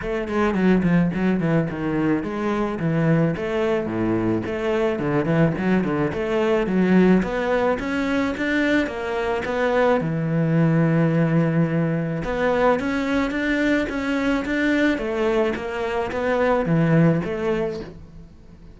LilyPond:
\new Staff \with { instrumentName = "cello" } { \time 4/4 \tempo 4 = 108 a8 gis8 fis8 f8 fis8 e8 dis4 | gis4 e4 a4 a,4 | a4 d8 e8 fis8 d8 a4 | fis4 b4 cis'4 d'4 |
ais4 b4 e2~ | e2 b4 cis'4 | d'4 cis'4 d'4 a4 | ais4 b4 e4 a4 | }